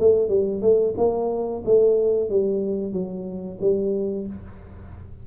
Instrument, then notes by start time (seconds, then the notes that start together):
tuba
0.00 A3
0.29 G3
0.62 A3
0.97 A#3
1.65 A3
2.30 G3
2.93 F#3
3.61 G3